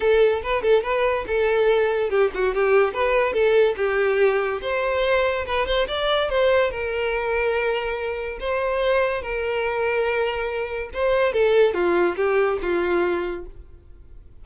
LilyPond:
\new Staff \with { instrumentName = "violin" } { \time 4/4 \tempo 4 = 143 a'4 b'8 a'8 b'4 a'4~ | a'4 g'8 fis'8 g'4 b'4 | a'4 g'2 c''4~ | c''4 b'8 c''8 d''4 c''4 |
ais'1 | c''2 ais'2~ | ais'2 c''4 a'4 | f'4 g'4 f'2 | }